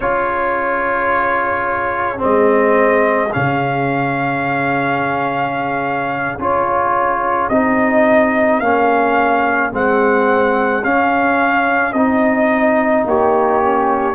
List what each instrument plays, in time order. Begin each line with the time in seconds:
0.00 tuba C#4, trombone F4, horn G#4, trumpet C#5
2.17 tuba G#3, trombone C4, trumpet D#5
3.32 tuba C#3, trombone C#4, trumpet F5
6.38 tuba C#4, trombone F4, trumpet C#5
7.48 tuba C4, trombone D#4, trumpet D#5
8.60 tuba A#3, trombone C#4, trumpet F5
9.71 tuba G#3, trombone C4, trumpet F#5
10.83 trombone C#4, tuba C#4, trumpet F5
11.93 tuba C4, trombone D#4, trumpet D#5
13.05 tuba A#3, horn G4, trumpet C#5
13.62 trombone C#4